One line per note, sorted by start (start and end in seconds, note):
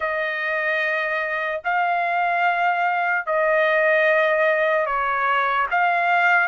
0.00 1.61 D#5
1.64 3.26 F5
3.26 4.85 D#5
4.85 5.66 C#5
5.71 6.48 F5